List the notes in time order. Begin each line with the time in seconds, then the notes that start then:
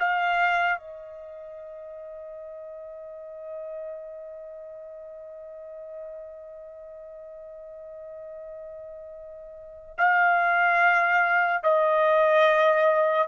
0.00 F5
0.78 D#5
9.98 F5
11.64 D#5